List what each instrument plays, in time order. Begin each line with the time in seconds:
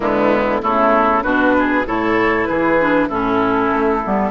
0.00 bassoon D3, clarinet G#3, oboe B3, flute E4
0.61 bassoon C#3, clarinet A3, oboe E4, flute A4
1.22 bassoon B2, clarinet D4, oboe F#4, flute B4
1.58 oboe G#4
1.86 bassoon A2, clarinet E4, oboe A4, flute C#5
2.44 bassoon E3, oboe G#4, flute B4
2.79 clarinet D4
3.08 bassoon A2, clarinet C#4, oboe E4, flute A4
3.73 bassoon A3
4.03 bassoon G3, clarinet B3